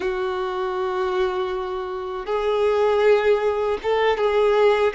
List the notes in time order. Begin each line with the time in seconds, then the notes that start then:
0.00 F#4
2.26 G#4
3.83 A4
4.17 G#4